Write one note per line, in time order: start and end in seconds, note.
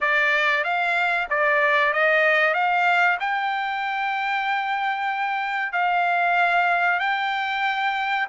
0.01 0.64 D5
0.64 1.27 F5
1.29 1.93 D5
1.93 2.54 D#5
2.54 3.17 F5
3.19 5.72 G5
5.72 6.99 F5
6.99 8.27 G5